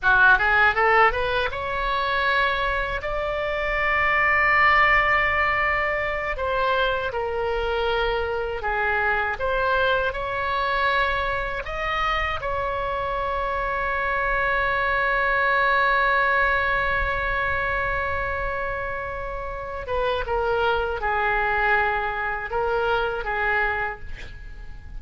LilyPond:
\new Staff \with { instrumentName = "oboe" } { \time 4/4 \tempo 4 = 80 fis'8 gis'8 a'8 b'8 cis''2 | d''1~ | d''8 c''4 ais'2 gis'8~ | gis'8 c''4 cis''2 dis''8~ |
dis''8 cis''2.~ cis''8~ | cis''1~ | cis''2~ cis''8 b'8 ais'4 | gis'2 ais'4 gis'4 | }